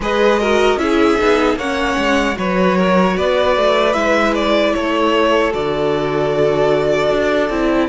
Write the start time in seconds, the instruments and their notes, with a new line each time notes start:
0.00 cello G#3, viola G#4, violin B4 D#5
0.39 viola F#4, violin A#4
0.75 cello C#4, viola E4, violin G#4 E5
1.18 cello B3, viola D#4
1.56 cello A#3, viola C#4, violin C#5 F#5
1.97 cello G#3
2.34 cello F#3, viola F#4, violin B4 C#5
2.77 violin A#4
3.16 cello B3, violin B4 D5
3.56 cello A3
3.93 cello G#3, viola E4, violin E5
4.34 violin D5
4.73 cello A3, violin A4 C#5
5.51 cello D3, viola F#4, violin D5
7.10 cello D4
7.49 cello C4, viola E4